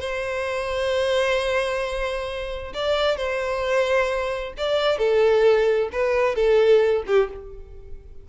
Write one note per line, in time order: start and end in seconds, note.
0.00 2.73 C5
2.73 3.17 D5
3.17 4.53 C5
4.57 4.98 D5
4.98 5.89 A4
5.92 6.35 B4
6.35 7.03 A4
7.06 7.29 G4